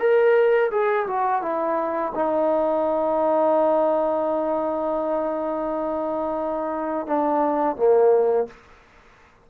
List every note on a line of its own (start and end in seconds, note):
0.00 0.71 A#4
0.72 1.07 G#4
1.07 1.42 F#4
1.42 2.13 E4
2.15 7.07 D#4
7.07 7.77 D4
7.77 8.47 A#3